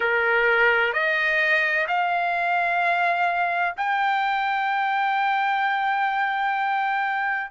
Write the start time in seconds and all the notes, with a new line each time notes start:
0.00 A#4
0.93 D#5
1.87 F5
3.77 G5